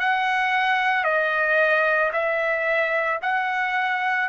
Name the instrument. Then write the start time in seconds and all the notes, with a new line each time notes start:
trumpet
0.00 F#5
1.04 D#5
2.13 E5
3.22 F#5